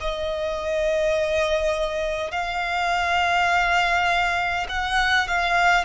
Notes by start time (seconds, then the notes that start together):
0.00 D#5
2.31 F5
4.68 F#5
5.27 F5